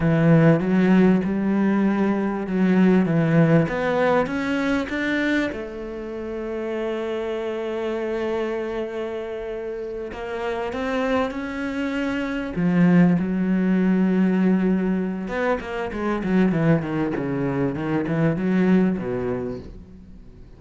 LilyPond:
\new Staff \with { instrumentName = "cello" } { \time 4/4 \tempo 4 = 98 e4 fis4 g2 | fis4 e4 b4 cis'4 | d'4 a2.~ | a1~ |
a8 ais4 c'4 cis'4.~ | cis'8 f4 fis2~ fis8~ | fis4 b8 ais8 gis8 fis8 e8 dis8 | cis4 dis8 e8 fis4 b,4 | }